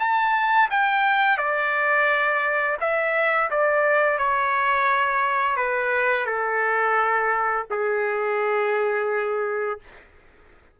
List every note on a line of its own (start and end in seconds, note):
0.00 0.70 A5
0.71 1.38 G5
1.38 2.78 D5
2.81 3.50 E5
3.51 4.19 D5
4.19 5.57 C#5
5.57 6.26 B4
6.26 7.66 A4
7.71 9.80 G#4